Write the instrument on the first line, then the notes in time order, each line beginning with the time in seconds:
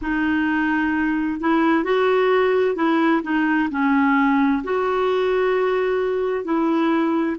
clarinet
0.01 D#4
1.40 E4
1.84 F#4
2.75 E4
3.23 D#4
3.70 C#4
4.63 F#4
6.44 E4